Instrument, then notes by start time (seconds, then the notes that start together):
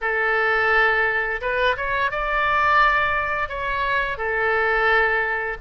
oboe
0.01 A4
1.41 B4
1.76 C#5
2.11 D5
3.49 C#5
4.17 A4